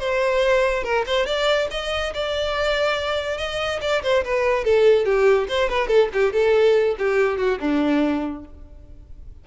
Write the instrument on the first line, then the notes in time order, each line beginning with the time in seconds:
violin
0.00 C5
0.84 A#4
1.07 C5
1.26 D5
1.71 D#5
2.14 D5
3.38 D#5
3.81 D5
4.03 C5
4.25 B4
4.65 A4
5.06 G4
5.49 C5
5.70 B4
5.88 A4
6.14 G4
6.33 A4
6.99 G4
7.38 F#4
7.60 D4